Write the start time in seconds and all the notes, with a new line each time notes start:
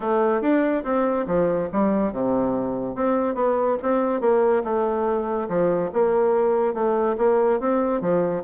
0.00 A3
0.41 D4
0.84 C4
1.26 F3
1.72 G3
2.12 C3
2.95 C4
3.35 B3
3.82 C4
4.20 A#3
4.64 A3
5.48 F3
5.93 A#3
6.74 A3
7.17 A#3
7.60 C4
8.01 F3